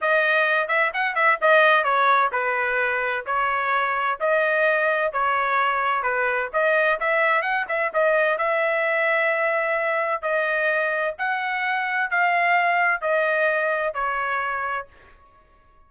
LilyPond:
\new Staff \with { instrumentName = "trumpet" } { \time 4/4 \tempo 4 = 129 dis''4. e''8 fis''8 e''8 dis''4 | cis''4 b'2 cis''4~ | cis''4 dis''2 cis''4~ | cis''4 b'4 dis''4 e''4 |
fis''8 e''8 dis''4 e''2~ | e''2 dis''2 | fis''2 f''2 | dis''2 cis''2 | }